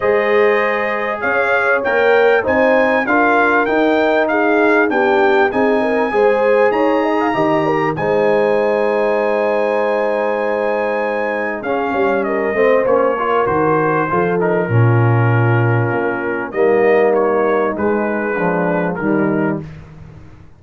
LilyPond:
<<
  \new Staff \with { instrumentName = "trumpet" } { \time 4/4 \tempo 4 = 98 dis''2 f''4 g''4 | gis''4 f''4 g''4 f''4 | g''4 gis''2 ais''4~ | ais''4 gis''2.~ |
gis''2. f''4 | dis''4 cis''4 c''4. ais'8~ | ais'2. dis''4 | cis''4 b'2 ais'4 | }
  \new Staff \with { instrumentName = "horn" } { \time 4/4 c''2 cis''2 | c''4 ais'2 gis'4 | g'4 gis'8 ais'8 c''4 cis''8 dis''16 f''16 | dis''8 ais'8 c''2.~ |
c''2. gis'8 cis''8 | ais'8 c''4 ais'4. a'4 | f'2. dis'4~ | dis'2 d'4 dis'4 | }
  \new Staff \with { instrumentName = "trombone" } { \time 4/4 gis'2. ais'4 | dis'4 f'4 dis'2 | d'4 dis'4 gis'2 | g'4 dis'2.~ |
dis'2. cis'4~ | cis'8 c'8 cis'8 f'8 fis'4 f'8 dis'8 | cis'2. ais4~ | ais4 gis4 f4 g4 | }
  \new Staff \with { instrumentName = "tuba" } { \time 4/4 gis2 cis'4 ais4 | c'4 d'4 dis'2 | b4 c'4 gis4 dis'4 | dis4 gis2.~ |
gis2. cis'8 g8~ | g8 a8 ais4 dis4 f4 | ais,2 ais4 g4~ | g4 gis2 dis4 | }
>>